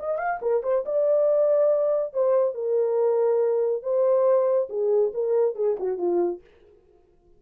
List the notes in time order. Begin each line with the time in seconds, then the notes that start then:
0.00 D#5
0.19 F5
0.42 A#4
0.64 C5
0.86 D5
2.14 C5
2.55 A#4
3.83 C5
4.70 G#4
5.14 A#4
5.56 G#4
5.80 F#4
5.98 F4